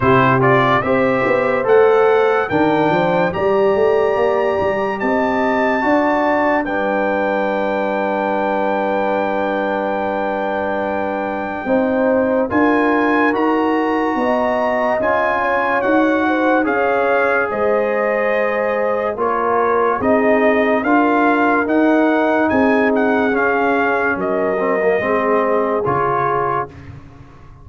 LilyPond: <<
  \new Staff \with { instrumentName = "trumpet" } { \time 4/4 \tempo 4 = 72 c''8 d''8 e''4 fis''4 g''4 | ais''2 a''2 | g''1~ | g''2. gis''4 |
ais''2 gis''4 fis''4 | f''4 dis''2 cis''4 | dis''4 f''4 fis''4 gis''8 fis''8 | f''4 dis''2 cis''4 | }
  \new Staff \with { instrumentName = "horn" } { \time 4/4 g'4 c''2 ais'8 c''8 | d''2 dis''4 d''4 | b'1~ | b'2 c''4 ais'4~ |
ais'4 dis''4. cis''4 c''8 | cis''4 c''2 ais'4 | gis'4 ais'2 gis'4~ | gis'4 ais'4 gis'2 | }
  \new Staff \with { instrumentName = "trombone" } { \time 4/4 e'8 f'8 g'4 a'4 d'4 | g'2. fis'4 | d'1~ | d'2 dis'4 f'4 |
fis'2 f'4 fis'4 | gis'2. f'4 | dis'4 f'4 dis'2 | cis'4. c'16 ais16 c'4 f'4 | }
  \new Staff \with { instrumentName = "tuba" } { \time 4/4 c4 c'8 b8 a4 dis8 f8 | g8 a8 ais8 g8 c'4 d'4 | g1~ | g2 c'4 d'4 |
dis'4 b4 cis'4 dis'4 | cis'4 gis2 ais4 | c'4 d'4 dis'4 c'4 | cis'4 fis4 gis4 cis4 | }
>>